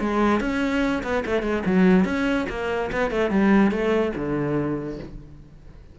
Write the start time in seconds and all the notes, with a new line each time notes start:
0.00 G#3
0.41 C#4
1.03 B3
1.26 A3
1.42 G#3
1.66 F#3
2.05 C#4
2.49 A#3
2.92 B3
3.11 A3
3.30 G3
3.71 A3
4.16 D3